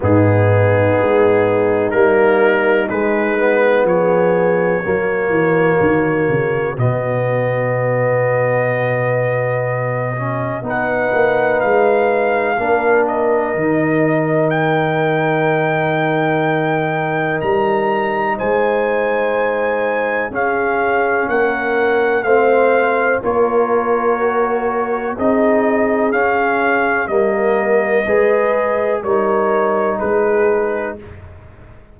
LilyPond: <<
  \new Staff \with { instrumentName = "trumpet" } { \time 4/4 \tempo 4 = 62 gis'2 ais'4 b'4 | cis''2. dis''4~ | dis''2. fis''4 | f''4. dis''4. g''4~ |
g''2 ais''4 gis''4~ | gis''4 f''4 fis''4 f''4 | cis''2 dis''4 f''4 | dis''2 cis''4 b'4 | }
  \new Staff \with { instrumentName = "horn" } { \time 4/4 dis'1 | gis'4 fis'2.~ | fis'2. b'4~ | b'4 ais'2.~ |
ais'2. c''4~ | c''4 gis'4 ais'4 c''4 | ais'2 gis'2 | ais'4 b'4 ais'4 gis'4 | }
  \new Staff \with { instrumentName = "trombone" } { \time 4/4 b2 ais4 gis8 b8~ | b4 ais2 b4~ | b2~ b8 cis'8 dis'4~ | dis'4 d'4 dis'2~ |
dis'1~ | dis'4 cis'2 c'4 | f'4 fis'4 dis'4 cis'4 | ais4 gis'4 dis'2 | }
  \new Staff \with { instrumentName = "tuba" } { \time 4/4 gis,4 gis4 g4 gis4 | f4 fis8 e8 dis8 cis8 b,4~ | b,2. b8 ais8 | gis4 ais4 dis2~ |
dis2 g4 gis4~ | gis4 cis'4 ais4 a4 | ais2 c'4 cis'4 | g4 gis4 g4 gis4 | }
>>